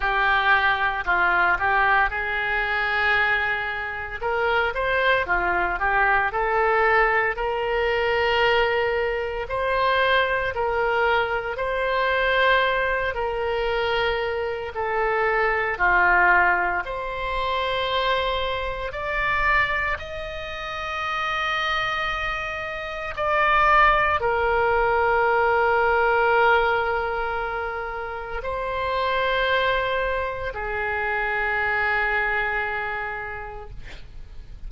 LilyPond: \new Staff \with { instrumentName = "oboe" } { \time 4/4 \tempo 4 = 57 g'4 f'8 g'8 gis'2 | ais'8 c''8 f'8 g'8 a'4 ais'4~ | ais'4 c''4 ais'4 c''4~ | c''8 ais'4. a'4 f'4 |
c''2 d''4 dis''4~ | dis''2 d''4 ais'4~ | ais'2. c''4~ | c''4 gis'2. | }